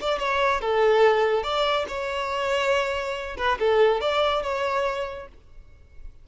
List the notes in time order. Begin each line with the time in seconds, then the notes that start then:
0.00 D5
0.18 C#5
0.60 A4
1.43 D5
1.87 C#5
3.37 B4
3.59 A4
4.00 D5
4.42 C#5